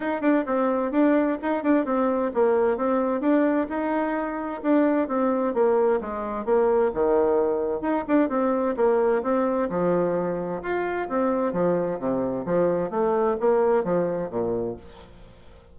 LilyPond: \new Staff \with { instrumentName = "bassoon" } { \time 4/4 \tempo 4 = 130 dis'8 d'8 c'4 d'4 dis'8 d'8 | c'4 ais4 c'4 d'4 | dis'2 d'4 c'4 | ais4 gis4 ais4 dis4~ |
dis4 dis'8 d'8 c'4 ais4 | c'4 f2 f'4 | c'4 f4 c4 f4 | a4 ais4 f4 ais,4 | }